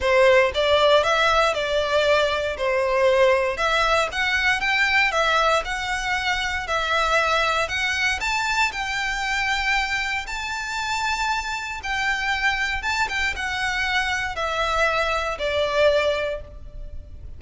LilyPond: \new Staff \with { instrumentName = "violin" } { \time 4/4 \tempo 4 = 117 c''4 d''4 e''4 d''4~ | d''4 c''2 e''4 | fis''4 g''4 e''4 fis''4~ | fis''4 e''2 fis''4 |
a''4 g''2. | a''2. g''4~ | g''4 a''8 g''8 fis''2 | e''2 d''2 | }